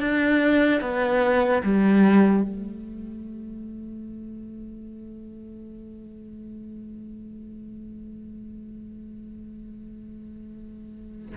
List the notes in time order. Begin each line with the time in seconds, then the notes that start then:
0.00 D4
0.81 B3
1.63 G3
2.43 A3